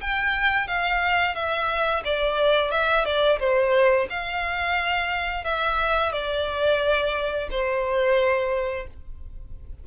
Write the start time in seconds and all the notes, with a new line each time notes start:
0.00 G5
0.67 F5
1.35 E5
2.04 D5
2.71 E5
3.05 D5
3.39 C5
4.09 F5
5.44 E5
6.12 D5
7.50 C5